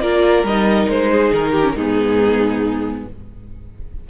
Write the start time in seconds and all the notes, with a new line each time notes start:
0.00 A#3 F4 A#4 D5
0.43 G3 D#4 D#5
0.89 G#3 C5
1.11 G#4
1.33 D#3 A#4
1.52 G4
1.63 C#4
1.74 G#2 B3 D#4 G#4